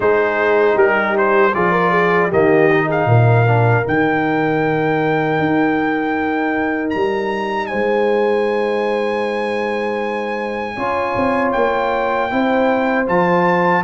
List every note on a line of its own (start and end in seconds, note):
0.00 0.75 G#3
0.00 1.51 D#4
0.00 0.74 G#4
0.00 0.77 C5
0.74 1.52 G3
0.74 1.51 G4
0.74 1.16 A#4
1.17 1.54 C5
1.54 2.32 F3
1.54 2.31 F4
1.54 1.71 G#4
1.54 2.31 D5
1.71 1.90 A#4
1.91 2.28 G#4
2.28 3.05 D#3
2.28 2.69 A#3
2.28 2.86 G4
2.28 2.90 D#5
2.70 3.46 D#4
2.87 3.07 G#4
2.87 3.87 F5
3.05 3.82 A#2
3.05 7.69 A#4
3.46 3.83 D4
3.83 5.39 D#3
3.83 10.75 D#4
3.83 6.90 G5
5.39 6.93 D#4
6.90 7.71 G3
6.90 7.66 A#5
7.66 10.76 G#3
7.66 10.76 C5
7.66 11.51 G#5
10.76 11.15 C#4
10.76 12.29 F4
10.76 12.29 C#5
11.15 11.54 C4
11.51 12.32 A#3
11.51 13.05 G5
12.29 13.08 C4
12.29 13.06 E4
12.29 13.83 C5
13.06 13.83 F3
13.06 13.83 F4
13.06 13.83 A5